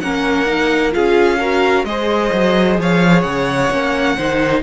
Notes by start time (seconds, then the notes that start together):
0.00 A#3 C#4 A#4 F#5
0.46 D#4
0.92 C#4 F4 G#4 F5
1.39 F#4 A#4
1.84 G#3 G#4 C5 D#5
2.33 F#3
2.78 F3 C#5 F5
3.21 C#3 F#5
3.71 A#3 C#4
4.16 D#3 D#4 C5